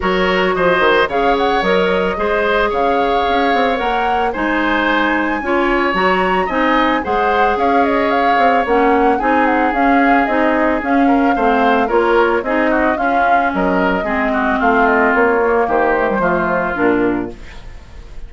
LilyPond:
<<
  \new Staff \with { instrumentName = "flute" } { \time 4/4 \tempo 4 = 111 cis''4 dis''4 f''8 fis''8 dis''4~ | dis''4 f''2 fis''4 | gis''2. ais''4 | gis''4 fis''4 f''8 dis''8 f''4 |
fis''4 gis''8 fis''8 f''4 dis''4 | f''2 cis''4 dis''4 | f''4 dis''2 f''8 dis''8 | cis''4 c''2 ais'4 | }
  \new Staff \with { instrumentName = "oboe" } { \time 4/4 ais'4 c''4 cis''2 | c''4 cis''2. | c''2 cis''2 | dis''4 c''4 cis''2~ |
cis''4 gis'2.~ | gis'8 ais'8 c''4 ais'4 gis'8 fis'8 | f'4 ais'4 gis'8 fis'8 f'4~ | f'4 g'4 f'2 | }
  \new Staff \with { instrumentName = "clarinet" } { \time 4/4 fis'2 gis'4 ais'4 | gis'2. ais'4 | dis'2 f'4 fis'4 | dis'4 gis'2. |
cis'4 dis'4 cis'4 dis'4 | cis'4 c'4 f'4 dis'4 | cis'2 c'2~ | c'8 ais4 a16 g16 a4 d'4 | }
  \new Staff \with { instrumentName = "bassoon" } { \time 4/4 fis4 f8 dis8 cis4 fis4 | gis4 cis4 cis'8 c'8 ais4 | gis2 cis'4 fis4 | c'4 gis4 cis'4. c'8 |
ais4 c'4 cis'4 c'4 | cis'4 a4 ais4 c'4 | cis'4 fis4 gis4 a4 | ais4 dis4 f4 ais,4 | }
>>